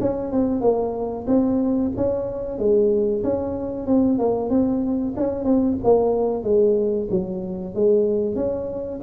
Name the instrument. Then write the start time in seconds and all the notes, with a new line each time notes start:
tuba
0.00 C#4
0.32 C4
0.61 A#3
1.27 C4
1.97 C#4
2.59 G#3
3.24 C#4
3.87 C4
4.18 A#3
4.50 C4
5.17 C#4
5.45 C4
5.84 A#3
6.43 G#3
7.11 F#3
7.75 G#3
8.35 C#4